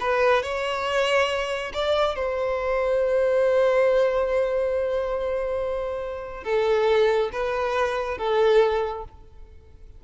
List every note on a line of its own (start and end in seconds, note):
0.00 0.42 B4
0.42 1.72 C#5
1.73 2.15 D5
2.15 6.43 C5
6.43 7.30 A4
7.32 8.18 B4
8.18 9.04 A4